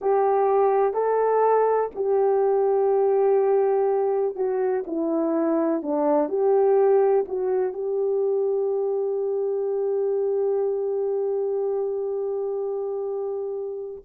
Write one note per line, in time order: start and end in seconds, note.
0.01 0.93 G4
0.93 1.90 A4
1.95 4.35 G4
4.35 4.83 F#4
4.87 5.82 E4
5.82 6.28 D4
6.28 7.25 G4
7.28 7.73 F#4
7.73 14.02 G4